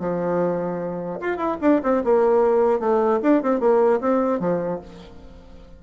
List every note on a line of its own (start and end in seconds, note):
0.00 1.20 F3
1.21 1.37 F4
1.37 1.57 E4
1.62 1.82 D4
1.84 2.04 C4
2.04 2.80 A#3
2.80 3.20 A3
3.23 3.43 D4
3.43 3.61 C4
3.61 4.01 A#3
4.01 4.40 C4
4.40 4.80 F3